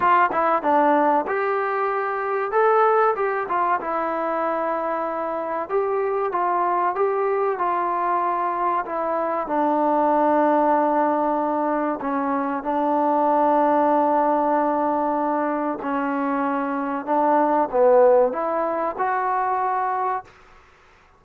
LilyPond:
\new Staff \with { instrumentName = "trombone" } { \time 4/4 \tempo 4 = 95 f'8 e'8 d'4 g'2 | a'4 g'8 f'8 e'2~ | e'4 g'4 f'4 g'4 | f'2 e'4 d'4~ |
d'2. cis'4 | d'1~ | d'4 cis'2 d'4 | b4 e'4 fis'2 | }